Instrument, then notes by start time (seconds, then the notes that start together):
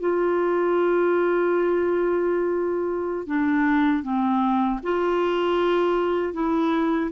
clarinet
0.00 F4
3.27 D4
4.03 C4
4.83 F4
6.34 E4